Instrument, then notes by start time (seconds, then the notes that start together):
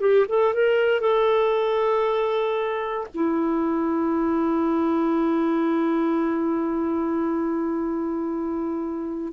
clarinet
0.00 G4
0.28 A4
0.54 A#4
1.01 A4
3.14 E4